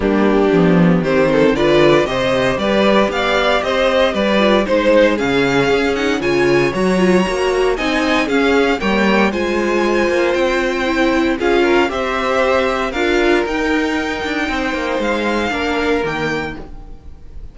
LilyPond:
<<
  \new Staff \with { instrumentName = "violin" } { \time 4/4 \tempo 4 = 116 g'2 c''4 d''4 | dis''4 d''4 f''4 dis''4 | d''4 c''4 f''4. fis''8 | gis''4 ais''2 gis''4 |
f''4 g''4 gis''2 | g''2 f''4 e''4~ | e''4 f''4 g''2~ | g''4 f''2 g''4 | }
  \new Staff \with { instrumentName = "violin" } { \time 4/4 d'2 g'8 a'8 b'4 | c''4 b'4 d''4 c''4 | b'4 c''4 gis'2 | cis''2. dis''4 |
gis'4 cis''4 c''2~ | c''2 gis'8 ais'8 c''4~ | c''4 ais'2. | c''2 ais'2 | }
  \new Staff \with { instrumentName = "viola" } { \time 4/4 ais4 b4 c'4 f'4 | g'1~ | g'8 f'8 dis'4 cis'4. dis'8 | f'4 fis'8 f'8 fis'4 dis'4 |
cis'4 ais4 f'2~ | f'4 e'4 f'4 g'4~ | g'4 f'4 dis'2~ | dis'2 d'4 ais4 | }
  \new Staff \with { instrumentName = "cello" } { \time 4/4 g4 f4 dis4 d4 | c4 g4 b4 c'4 | g4 gis4 cis4 cis'4 | cis4 fis4 ais4 c'4 |
cis'4 g4 gis4. ais8 | c'2 cis'4 c'4~ | c'4 d'4 dis'4. d'8 | c'8 ais8 gis4 ais4 dis4 | }
>>